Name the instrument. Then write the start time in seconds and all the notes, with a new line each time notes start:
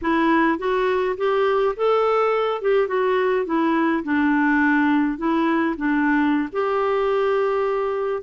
clarinet
0.01 E4
0.58 F#4
1.17 G4
1.76 A4
2.61 G4
2.87 F#4
3.45 E4
4.03 D4
5.18 E4
5.76 D4
6.52 G4